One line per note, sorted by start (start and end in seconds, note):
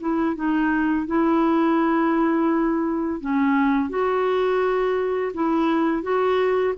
0.00 0.35 E4
0.35 1.06 D#4
1.06 3.20 E4
3.20 3.89 C#4
3.89 5.32 F#4
5.33 6.02 E4
6.02 6.74 F#4